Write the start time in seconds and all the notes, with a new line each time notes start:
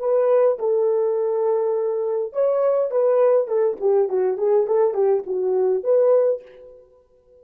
0.00 B4
0.59 A4
2.33 C#5
2.91 B4
3.48 A4
3.81 G4
4.09 F#4
4.38 G#4
4.67 A4
4.94 G4
5.27 F#4
5.84 B4